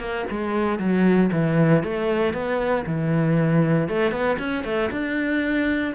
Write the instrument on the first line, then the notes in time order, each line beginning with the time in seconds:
cello
0.00 A#3
0.31 G#3
0.79 F#3
1.32 E3
1.83 A3
2.33 B3
2.86 E3
3.89 A3
4.12 B3
4.39 C#4
4.64 A3
4.92 D4